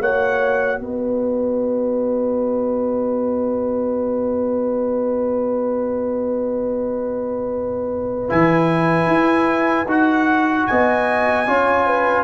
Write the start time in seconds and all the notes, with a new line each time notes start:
0.00 A#3 F#4 C#5 F#5
0.80 B3 B4 D#5
8.29 E3 E4 G#5
9.08 E4
9.86 D#4 F#4 F#5
10.67 B3 D#5 G#5
11.47 C#4 F4 C#5
11.87 B4